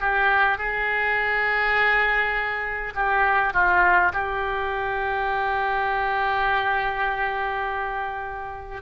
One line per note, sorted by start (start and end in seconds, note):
0.00 0.58 G4
0.58 2.93 G#4
2.95 3.53 G4
3.53 4.12 F4
4.13 8.81 G4